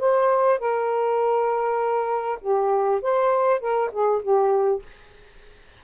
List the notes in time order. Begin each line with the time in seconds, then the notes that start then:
0.00 C5
0.60 A#4
2.41 G4
3.02 C5
3.61 A#4
3.92 G#4
4.22 G4